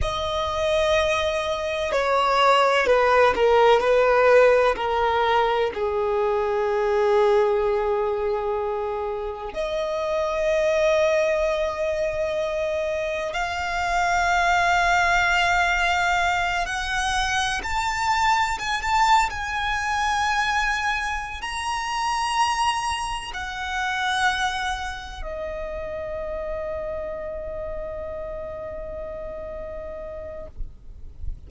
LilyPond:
\new Staff \with { instrumentName = "violin" } { \time 4/4 \tempo 4 = 63 dis''2 cis''4 b'8 ais'8 | b'4 ais'4 gis'2~ | gis'2 dis''2~ | dis''2 f''2~ |
f''4. fis''4 a''4 gis''16 a''16~ | a''16 gis''2~ gis''16 ais''4.~ | ais''8 fis''2 dis''4.~ | dis''1 | }